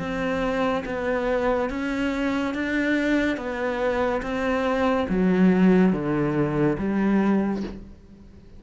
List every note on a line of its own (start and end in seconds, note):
0.00 0.85 C4
0.86 1.70 B3
1.70 2.55 C#4
2.55 3.37 D4
3.37 4.22 B3
4.23 5.07 C4
5.09 5.93 F#3
5.93 6.78 D3
6.79 7.63 G3